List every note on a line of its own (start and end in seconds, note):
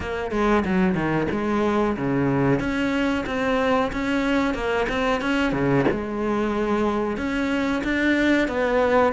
0.00 0.31 A#3
0.31 0.63 G#3
0.65 0.94 F#3
0.94 1.27 D#3
1.31 1.96 G#3
1.96 2.59 C#3
2.59 3.25 C#4
3.26 3.91 C4
3.92 4.54 C#4
4.54 4.86 A#3
4.89 5.21 C4
5.21 5.52 C#4
5.52 5.85 C#3
5.91 7.17 G#3
7.17 7.82 C#4
7.83 8.48 D4
8.48 9.12 B3